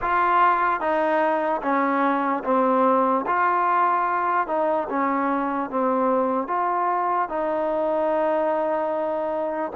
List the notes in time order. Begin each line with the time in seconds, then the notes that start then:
0.01 F4
0.80 D#4
1.62 C#4
2.44 C4
3.26 F4
4.47 D#4
4.89 C#4
5.70 C4
6.47 F4
7.29 D#4